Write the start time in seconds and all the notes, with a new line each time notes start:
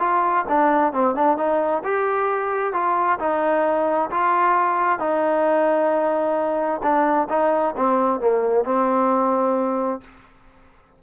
0.00 F4
0.49 D4
0.93 C4
1.15 D4
1.38 D#4
1.85 G4
2.74 F4
3.19 D#4
4.11 F4
5.00 D#4
6.83 D4
7.30 D#4
7.77 C4
8.21 A#3
8.65 C4